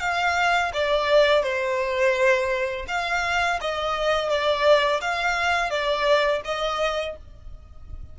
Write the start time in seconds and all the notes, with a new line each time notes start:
0.00 F5
0.73 D5
1.43 C5
2.88 F5
3.61 D#5
4.29 D5
5.01 F5
5.70 D5
6.44 D#5